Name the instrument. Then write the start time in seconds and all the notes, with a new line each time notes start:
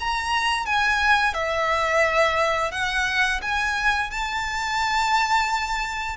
violin
0.00 A#5
0.66 G#5
1.34 E5
2.72 F#5
3.42 G#5
4.11 A5